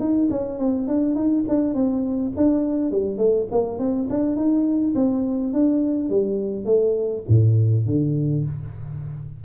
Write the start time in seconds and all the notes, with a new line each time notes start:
0.00 D#4
0.31 C#4
0.59 C4
0.88 D4
1.16 D#4
1.49 D4
1.75 C4
2.37 D4
2.92 G3
3.18 A3
3.51 A#3
3.79 C4
4.10 D4
4.36 D#4
4.96 C4
5.54 D4
6.10 G3
6.66 A3
7.29 A2
7.86 D3